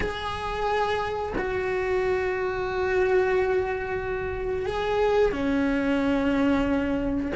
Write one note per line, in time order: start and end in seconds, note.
0.00 1.33 G#4
1.38 4.65 F#4
4.65 5.32 G#4
5.32 7.32 C#4